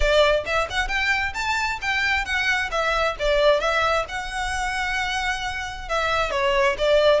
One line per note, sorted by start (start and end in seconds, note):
0.00 0.44 D5
0.45 0.68 E5
0.70 0.88 F#5
0.88 1.33 G5
1.33 1.79 A5
1.81 2.25 G5
2.25 2.70 F#5
2.71 3.16 E5
3.19 3.60 D5
3.60 4.05 E5
4.08 5.88 F#5
5.89 6.30 E5
6.30 6.75 C#5
6.78 7.20 D5